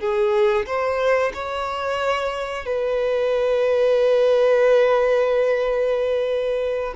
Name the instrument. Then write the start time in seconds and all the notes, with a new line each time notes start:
violin
0.00 G#4
0.67 C5
1.34 C#5
2.66 B4